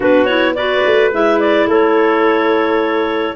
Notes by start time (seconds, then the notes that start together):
0.00 B3 D4 F#4 B4
0.25 E4 C#5
0.54 F#4 B4 D5
0.85 A3
1.12 G#3 E4 E5
1.39 D5
1.66 A3 A4 C#5